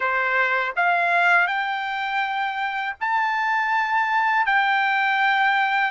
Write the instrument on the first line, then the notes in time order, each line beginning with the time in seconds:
trumpet
0.00 C5
0.76 F5
1.46 G5
3.00 A5
4.46 G5